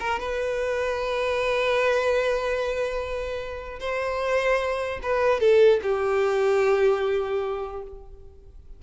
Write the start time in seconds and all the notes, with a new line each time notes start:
0.00 A#4
0.20 B4
3.80 C5
5.03 B4
5.41 A4
5.83 G4